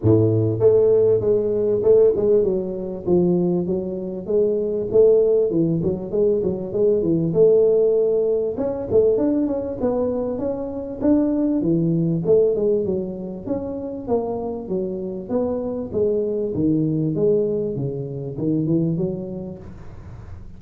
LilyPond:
\new Staff \with { instrumentName = "tuba" } { \time 4/4 \tempo 4 = 98 a,4 a4 gis4 a8 gis8 | fis4 f4 fis4 gis4 | a4 e8 fis8 gis8 fis8 gis8 e8 | a2 cis'8 a8 d'8 cis'8 |
b4 cis'4 d'4 e4 | a8 gis8 fis4 cis'4 ais4 | fis4 b4 gis4 dis4 | gis4 cis4 dis8 e8 fis4 | }